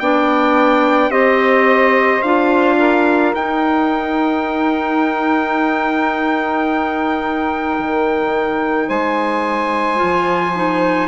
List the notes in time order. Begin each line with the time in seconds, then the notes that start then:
0.00 B3 D4 D5 G5
1.10 C4 G4 C5 D#5
2.22 D4 F4 F5
2.79 A#4
3.34 D#4 G5
7.79 D#3
8.88 G#3 C5 G#5
9.96 F4
10.03 F3
10.56 D#4